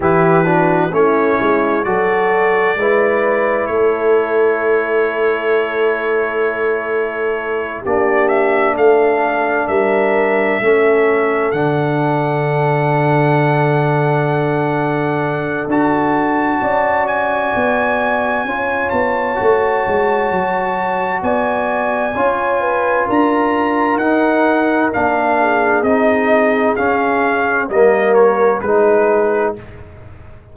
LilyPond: <<
  \new Staff \with { instrumentName = "trumpet" } { \time 4/4 \tempo 4 = 65 b'4 cis''4 d''2 | cis''1~ | cis''8 d''8 e''8 f''4 e''4.~ | e''8 fis''2.~ fis''8~ |
fis''4 a''4. gis''4.~ | gis''8 a''2~ a''8 gis''4~ | gis''4 ais''4 fis''4 f''4 | dis''4 f''4 dis''8 cis''8 b'4 | }
  \new Staff \with { instrumentName = "horn" } { \time 4/4 g'8 fis'8 e'4 a'4 b'4 | a'1~ | a'8 g'4 a'4 ais'4 a'8~ | a'1~ |
a'2 d''2 | cis''2. d''4 | cis''8 b'8 ais'2~ ais'8 gis'8~ | gis'2 ais'4 gis'4 | }
  \new Staff \with { instrumentName = "trombone" } { \time 4/4 e'8 d'8 cis'4 fis'4 e'4~ | e'1~ | e'8 d'2. cis'8~ | cis'8 d'2.~ d'8~ |
d'4 fis'2. | f'4 fis'2. | f'2 dis'4 d'4 | dis'4 cis'4 ais4 dis'4 | }
  \new Staff \with { instrumentName = "tuba" } { \time 4/4 e4 a8 gis8 fis4 gis4 | a1~ | a8 ais4 a4 g4 a8~ | a8 d2.~ d8~ |
d4 d'4 cis'4 b4 | cis'8 b8 a8 gis8 fis4 b4 | cis'4 d'4 dis'4 ais4 | c'4 cis'4 g4 gis4 | }
>>